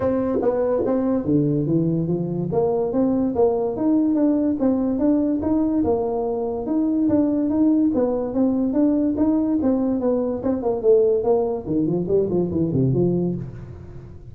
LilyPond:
\new Staff \with { instrumentName = "tuba" } { \time 4/4 \tempo 4 = 144 c'4 b4 c'4 d4 | e4 f4 ais4 c'4 | ais4 dis'4 d'4 c'4 | d'4 dis'4 ais2 |
dis'4 d'4 dis'4 b4 | c'4 d'4 dis'4 c'4 | b4 c'8 ais8 a4 ais4 | dis8 f8 g8 f8 e8 c8 f4 | }